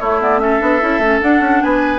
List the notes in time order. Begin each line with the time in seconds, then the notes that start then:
0.00 A3 E4 C#5
0.21 B3 D5
0.39 C#4 A4 E5
0.60 B3 D4
0.81 C#4 E4
0.99 A3 C#4
1.21 D4 F#5
1.41 C#4
1.63 B3 B4 G#5